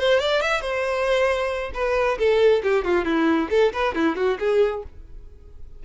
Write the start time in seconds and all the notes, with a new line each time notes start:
0.00 C5
0.20 D5
0.42 E5
0.62 C5
1.75 B4
2.19 A4
2.64 G4
2.85 F4
3.05 E4
3.51 A4
3.74 B4
3.95 E4
4.17 F#4
4.40 G#4